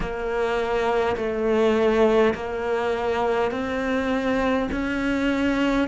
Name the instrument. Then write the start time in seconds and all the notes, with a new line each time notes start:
cello
0.00 A#3
1.16 A3
2.34 A#3
3.51 C4
4.71 C#4